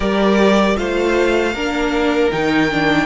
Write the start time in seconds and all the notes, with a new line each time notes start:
0.00 G3 G4 A#4 D5
0.76 A3 F4 C5 F5
1.53 A#3 D4 A#4
2.31 D#3 D#4 G5
2.70 D4